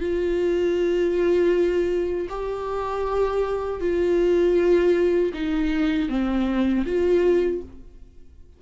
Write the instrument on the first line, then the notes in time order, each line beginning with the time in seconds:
viola
0.00 F4
2.29 G4
3.80 F4
5.34 D#4
6.09 C4
6.86 F4